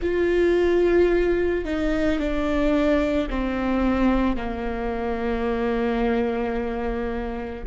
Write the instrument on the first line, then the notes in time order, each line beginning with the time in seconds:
viola
0.01 F4
1.64 D#4
2.19 D4
3.29 C4
4.36 A#3